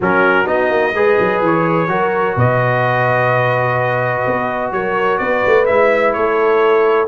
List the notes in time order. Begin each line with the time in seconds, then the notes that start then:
0.00 F#3 C#4 F#4 A#4
0.45 B3 D#4 D#5
0.70 A#3
0.93 G#3 G#4 B4
1.19 F#3
1.41 E3 C#5
1.88 F#3 F#4 A#4
2.36 B2 B4 D#5
4.26 B3
4.71 F#3 A#4 C#5
5.18 B3 B4 D5
5.46 A3
5.65 G#3 E4 E5
6.13 A3 A4 C#5